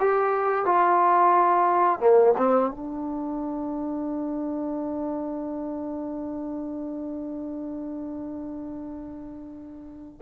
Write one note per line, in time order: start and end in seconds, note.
0.00 0.65 G4
0.65 2.00 F4
2.00 2.34 A#3
2.37 2.71 C4
2.71 10.21 D4